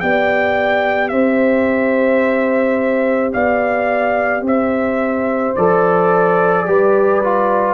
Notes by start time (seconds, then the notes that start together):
0.00 B3 G4 D5 G5
1.08 C4 C5 E5
3.33 B3 D5 F5
4.41 C4 C5 E5
5.56 F3 A4 D5
6.66 G3 G4 B4
7.24 F4